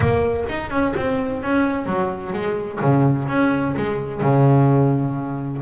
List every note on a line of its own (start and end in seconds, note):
0.00 0.45 A#3
0.49 0.70 D#4
0.70 0.93 C#4
0.96 1.42 C4
1.42 1.85 C#4
1.85 2.32 F#3
2.32 2.79 G#3
2.80 3.27 C#3
3.28 3.75 C#4
3.76 4.21 G#3
4.21 5.61 C#3